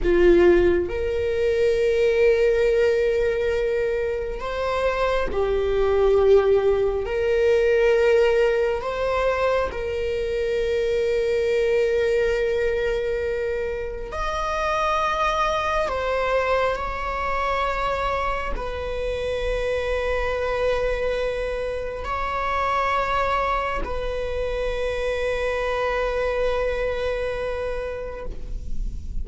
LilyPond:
\new Staff \with { instrumentName = "viola" } { \time 4/4 \tempo 4 = 68 f'4 ais'2.~ | ais'4 c''4 g'2 | ais'2 c''4 ais'4~ | ais'1 |
dis''2 c''4 cis''4~ | cis''4 b'2.~ | b'4 cis''2 b'4~ | b'1 | }